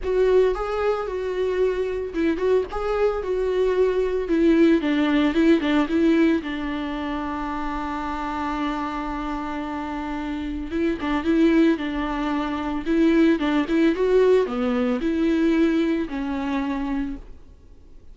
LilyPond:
\new Staff \with { instrumentName = "viola" } { \time 4/4 \tempo 4 = 112 fis'4 gis'4 fis'2 | e'8 fis'8 gis'4 fis'2 | e'4 d'4 e'8 d'8 e'4 | d'1~ |
d'1 | e'8 d'8 e'4 d'2 | e'4 d'8 e'8 fis'4 b4 | e'2 cis'2 | }